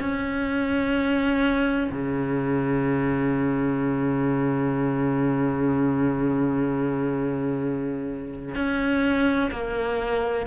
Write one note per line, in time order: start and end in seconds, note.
0.00 1.90 C#4
1.92 8.55 C#3
8.55 9.51 C#4
9.52 10.47 A#3